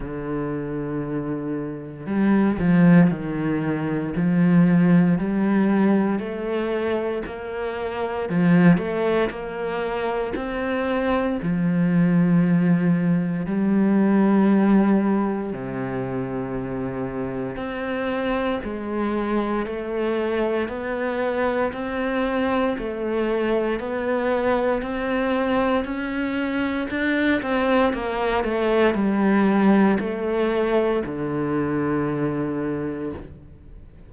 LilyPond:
\new Staff \with { instrumentName = "cello" } { \time 4/4 \tempo 4 = 58 d2 g8 f8 dis4 | f4 g4 a4 ais4 | f8 a8 ais4 c'4 f4~ | f4 g2 c4~ |
c4 c'4 gis4 a4 | b4 c'4 a4 b4 | c'4 cis'4 d'8 c'8 ais8 a8 | g4 a4 d2 | }